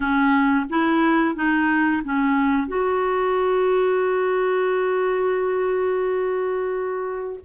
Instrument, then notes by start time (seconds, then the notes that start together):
clarinet
0.00 C#4
0.69 E4
1.35 D#4
2.04 C#4
2.67 F#4